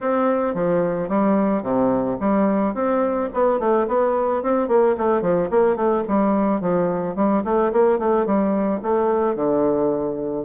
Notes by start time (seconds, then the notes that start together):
0.00 C4
0.54 F3
1.08 G3
1.62 C3
2.19 G3
2.74 C4
3.33 B3
3.59 A3
3.87 B3
4.42 C4
4.68 A#3
4.97 A3
5.21 F3
5.50 A#3
5.75 A3
6.08 G3
6.61 F3
7.15 G3
7.44 A3
7.72 A#3
7.98 A3
8.25 G3
8.82 A3
9.35 D3